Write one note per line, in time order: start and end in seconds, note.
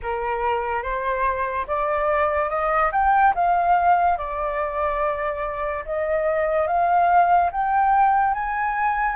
0.02 0.82 A#4
0.82 1.66 C5
1.67 2.49 D5
2.49 2.91 D#5
2.92 3.33 G5
3.34 4.17 F5
4.17 5.84 D5
5.85 6.67 D#5
6.67 7.50 F5
7.52 8.33 G5
8.33 9.16 G#5